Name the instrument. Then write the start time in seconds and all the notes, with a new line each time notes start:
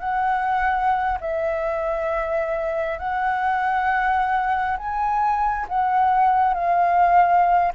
flute
0.00 F#5
1.21 E5
2.99 F#5
4.78 G#5
5.69 F#5
6.54 F5